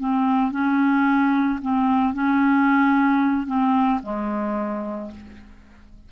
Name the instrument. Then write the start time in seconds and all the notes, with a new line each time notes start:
clarinet
0.00 C4
0.51 C#4
1.62 C4
2.14 C#4
3.47 C4
4.03 G#3